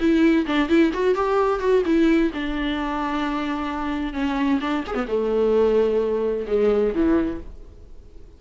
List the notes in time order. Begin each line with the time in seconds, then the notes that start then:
0.00 E4
0.47 D4
0.69 E4
0.94 F#4
1.15 G4
1.60 F#4
1.86 E4
2.34 D4
4.14 C#4
4.61 D4
4.88 G#4
4.95 B3
5.08 A3
6.48 G#3
6.95 E3